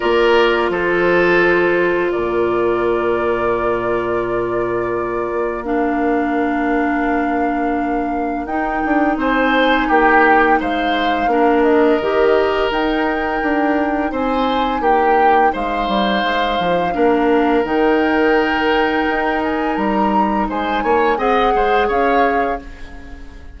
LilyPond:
<<
  \new Staff \with { instrumentName = "flute" } { \time 4/4 \tempo 4 = 85 d''4 c''2 d''4~ | d''1 | f''1 | g''4 gis''4 g''4 f''4~ |
f''8 dis''4. g''2 | gis''4 g''4 f''2~ | f''4 g''2~ g''8 gis''8 | ais''4 gis''4 fis''4 f''4 | }
  \new Staff \with { instrumentName = "oboe" } { \time 4/4 ais'4 a'2 ais'4~ | ais'1~ | ais'1~ | ais'4 c''4 g'4 c''4 |
ais'1 | c''4 g'4 c''2 | ais'1~ | ais'4 c''8 cis''8 dis''8 c''8 cis''4 | }
  \new Staff \with { instrumentName = "clarinet" } { \time 4/4 f'1~ | f'1 | d'1 | dis'1 |
d'4 g'4 dis'2~ | dis'1 | d'4 dis'2.~ | dis'2 gis'2 | }
  \new Staff \with { instrumentName = "bassoon" } { \time 4/4 ais4 f2 ais,4~ | ais,2.~ ais,8 ais8~ | ais1 | dis'8 d'8 c'4 ais4 gis4 |
ais4 dis4 dis'4 d'4 | c'4 ais4 gis8 g8 gis8 f8 | ais4 dis2 dis'4 | g4 gis8 ais8 c'8 gis8 cis'4 | }
>>